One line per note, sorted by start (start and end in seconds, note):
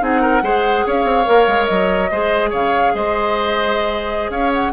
0.00 0.42 C4
0.00 0.42 D#4
0.00 0.22 G#4
0.00 0.88 F#5
0.22 0.43 A#4
0.42 0.84 G#3
0.42 1.25 G#4
0.42 0.86 C5
0.87 1.04 C#4
0.87 2.11 C#5
0.87 1.66 F5
1.04 1.25 C4
1.25 1.47 A#3
1.25 2.09 A#4
1.47 1.68 G#3
1.66 2.11 F#3
1.66 2.50 D#5
2.11 2.53 G#3
2.11 4.73 G#4
2.11 2.51 C5
2.51 2.94 C#3
2.51 2.92 C#5
2.51 2.95 F5
2.94 4.30 G#3
2.94 4.31 C5
2.94 4.31 D#5
4.30 4.72 C#4
4.30 4.73 C#5
4.30 4.52 F5
4.53 4.73 F#5